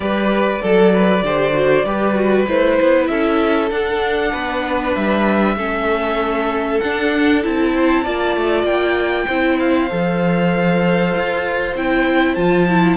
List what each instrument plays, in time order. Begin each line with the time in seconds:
0.00 cello G3, viola G4, violin B4 D5
0.62 cello F#3, violin A4, viola A4
0.93 violin B4
1.23 cello D3, viola G4, violin C5
1.52 viola F#4
1.84 cello G3, viola G4, violin B4
2.14 viola F#4
2.47 cello A3, viola E4, violin C5
2.81 cello B3
3.06 cello C#4, violin A4 E5
3.70 cello D4, viola D4, violin F#5
4.32 cello B3, violin B4
4.94 cello G3, violin E5
5.56 cello A3, viola C#4, violin A4
6.80 cello D4, viola D4, violin F#5
7.43 cello C4, viola E4, violin A5
7.74 violin C5
8.03 cello A#3, viola F4, violin D5
8.36 cello A3
8.63 cello A#3, violin G5
9.26 cello C4, viola E4, violin C5
9.59 violin F5
9.89 cello F3, viola A4
11.14 cello F4
11.75 cello C4, viola E4, violin G5
12.35 cello F3, viola F4, violin A5
12.69 viola E4